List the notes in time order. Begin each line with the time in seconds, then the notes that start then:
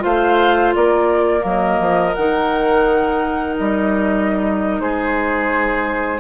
0.00 A3 F4 C5 F5
0.75 A#3 A#4 D5
1.41 F#3 A#3
1.47 D#5
1.80 F3
2.15 D#3 D#4 F#5
3.57 G3 D#5
4.80 G#3 G#4 C5